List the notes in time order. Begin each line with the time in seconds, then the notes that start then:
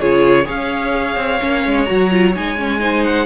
0.00 C#3 F4 G#4 C#5
0.45 C#4 G#4 C#5 F5
1.16 C4
1.40 A#3 C#4
1.66 G#3
1.85 F#3 F#4 A#5
2.11 F4
2.35 G#3 D#4 G#5
2.58 C#4
2.80 D#4 C5
3.04 F#5